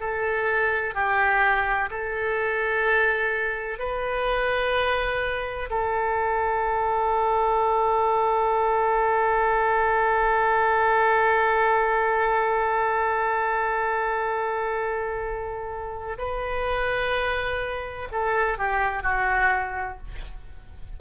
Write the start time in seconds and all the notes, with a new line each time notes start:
0.00 A4
0.94 G4
1.90 A4
3.79 B4
5.70 A4
16.18 B4
18.12 A4
18.58 G4
19.03 F#4